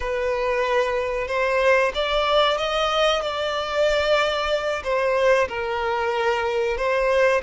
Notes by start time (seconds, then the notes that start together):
0.00 B4
1.27 C5
1.94 D5
2.57 D#5
3.21 D5
4.83 C5
5.48 A#4
6.77 C5